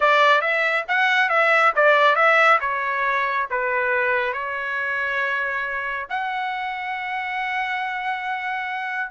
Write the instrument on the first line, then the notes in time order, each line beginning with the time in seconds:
trumpet
0.00 D5
0.41 E5
0.88 F#5
1.29 E5
1.75 D5
2.15 E5
2.60 C#5
3.50 B4
4.33 C#5
6.09 F#5